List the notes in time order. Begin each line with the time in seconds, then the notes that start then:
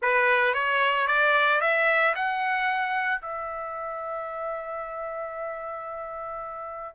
0.02 B4
0.54 C#5
1.07 D5
1.60 E5
2.15 F#5
3.21 E5